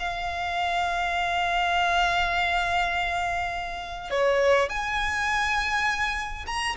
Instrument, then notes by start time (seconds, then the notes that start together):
violin
0.00 F5
4.11 C#5
4.70 G#5
6.47 A#5